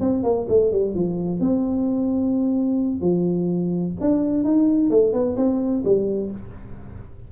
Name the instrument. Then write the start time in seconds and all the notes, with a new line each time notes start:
tuba
0.00 C4
0.23 A#3
0.49 A3
0.72 G3
0.95 F3
1.40 C4
3.01 F3
4.01 D4
4.44 D#4
4.90 A3
5.13 B3
5.37 C4
5.85 G3